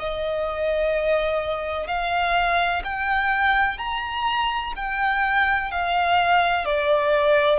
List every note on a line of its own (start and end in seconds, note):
0.00 1.87 D#5
1.87 2.83 F5
2.84 3.78 G5
3.78 4.74 A#5
4.77 5.72 G5
5.72 6.66 F5
6.66 7.60 D5